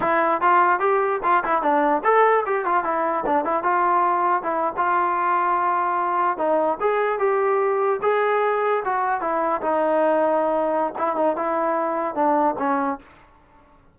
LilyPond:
\new Staff \with { instrumentName = "trombone" } { \time 4/4 \tempo 4 = 148 e'4 f'4 g'4 f'8 e'8 | d'4 a'4 g'8 f'8 e'4 | d'8 e'8 f'2 e'8. f'16~ | f'2.~ f'8. dis'16~ |
dis'8. gis'4 g'2 gis'16~ | gis'4.~ gis'16 fis'4 e'4 dis'16~ | dis'2. e'8 dis'8 | e'2 d'4 cis'4 | }